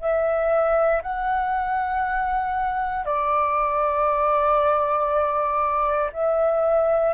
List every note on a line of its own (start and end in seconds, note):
0.00 1.02 E5
1.02 3.05 F#5
3.05 6.10 D5
6.12 7.13 E5